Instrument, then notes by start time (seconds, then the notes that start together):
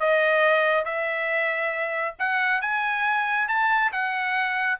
trumpet
0.00 D#5
0.85 E5
2.19 F#5
2.61 G#5
3.48 A5
3.92 F#5